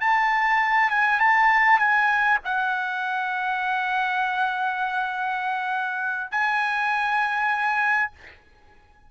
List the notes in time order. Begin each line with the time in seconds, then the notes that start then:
0.00 A5
0.89 G#5
1.19 A5
1.78 G#5
2.44 F#5
6.31 G#5